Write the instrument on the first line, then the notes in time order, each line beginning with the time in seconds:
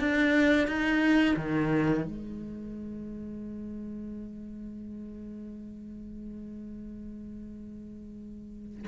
cello
0.00 D4
0.68 D#4
1.37 D#3
2.05 G#3